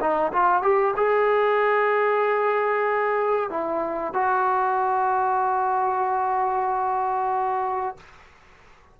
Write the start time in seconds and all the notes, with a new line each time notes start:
0.00 D#4
0.32 F4
0.62 G4
0.96 G#4
3.50 E4
4.13 F#4